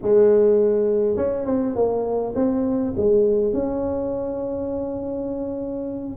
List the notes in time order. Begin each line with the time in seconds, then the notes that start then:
0.02 G#3
1.16 C#4
1.46 C4
1.75 A#3
2.35 C4
2.96 G#3
3.53 C#4